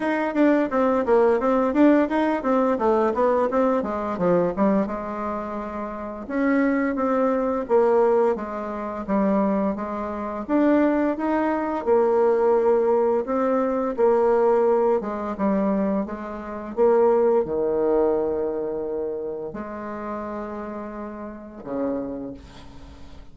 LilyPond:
\new Staff \with { instrumentName = "bassoon" } { \time 4/4 \tempo 4 = 86 dis'8 d'8 c'8 ais8 c'8 d'8 dis'8 c'8 | a8 b8 c'8 gis8 f8 g8 gis4~ | gis4 cis'4 c'4 ais4 | gis4 g4 gis4 d'4 |
dis'4 ais2 c'4 | ais4. gis8 g4 gis4 | ais4 dis2. | gis2. cis4 | }